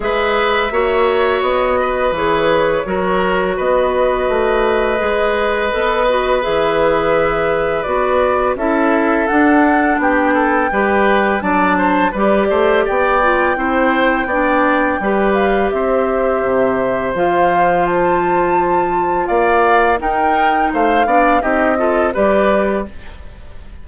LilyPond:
<<
  \new Staff \with { instrumentName = "flute" } { \time 4/4 \tempo 4 = 84 e''2 dis''4 cis''4~ | cis''4 dis''2.~ | dis''4 e''2 d''4 | e''4 fis''4 g''2 |
a''4 d''4 g''2~ | g''4. f''8 e''2 | f''4 a''2 f''4 | g''4 f''4 dis''4 d''4 | }
  \new Staff \with { instrumentName = "oboe" } { \time 4/4 b'4 cis''4. b'4. | ais'4 b'2.~ | b'1 | a'2 g'8 a'8 b'4 |
d''8 c''8 b'8 c''8 d''4 c''4 | d''4 b'4 c''2~ | c''2. d''4 | ais'4 c''8 d''8 g'8 a'8 b'4 | }
  \new Staff \with { instrumentName = "clarinet" } { \time 4/4 gis'4 fis'2 gis'4 | fis'2. gis'4 | a'8 fis'8 gis'2 fis'4 | e'4 d'2 g'4 |
d'4 g'4. f'8 e'4 | d'4 g'2. | f'1 | dis'4. d'8 dis'8 f'8 g'4 | }
  \new Staff \with { instrumentName = "bassoon" } { \time 4/4 gis4 ais4 b4 e4 | fis4 b4 a4 gis4 | b4 e2 b4 | cis'4 d'4 b4 g4 |
fis4 g8 a8 b4 c'4 | b4 g4 c'4 c4 | f2. ais4 | dis'4 a8 b8 c'4 g4 | }
>>